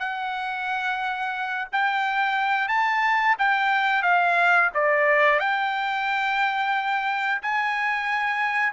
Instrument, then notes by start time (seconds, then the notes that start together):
trumpet
0.00 F#5
1.73 G5
2.69 A5
3.39 G5
4.03 F5
4.75 D5
5.40 G5
7.43 G#5